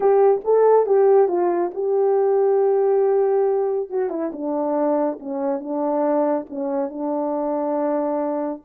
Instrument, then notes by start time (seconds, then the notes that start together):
horn
0.00 G4
0.44 A4
0.86 G4
1.28 F4
1.74 G4
3.89 F#4
4.09 E4
4.32 D4
5.19 C#4
5.59 D4
6.49 C#4
6.89 D4